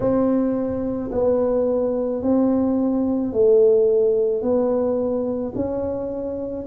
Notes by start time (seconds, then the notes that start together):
0.00 C4
1.11 B3
2.22 C4
3.32 A3
4.41 B3
5.55 C#4